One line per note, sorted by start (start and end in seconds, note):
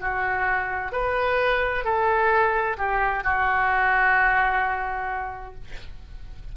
0.00 0.92 F#4
0.92 1.84 B4
1.85 2.77 A4
2.77 3.23 G4
3.23 5.54 F#4